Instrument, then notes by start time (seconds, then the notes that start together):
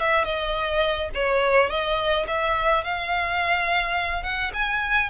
violin
0.00 E5
0.24 D#5
1.14 C#5
1.69 D#5
2.27 E5
2.84 F5
4.23 F#5
4.53 G#5